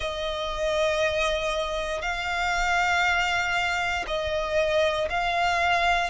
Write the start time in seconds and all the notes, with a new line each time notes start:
0.00 D#5
2.01 F5
4.07 D#5
5.09 F5